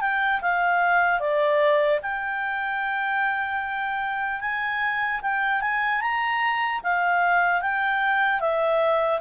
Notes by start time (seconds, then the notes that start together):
0.00 G5
0.41 F5
1.20 D5
2.02 G5
4.40 G#5
5.21 G5
5.61 G#5
6.01 A#5
6.83 F5
7.61 G5
8.40 E5